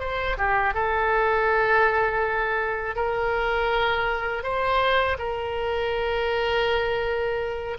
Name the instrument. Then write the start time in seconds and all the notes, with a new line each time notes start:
oboe
0.00 C5
0.38 G4
0.74 A4
2.96 A#4
4.43 C5
5.19 A#4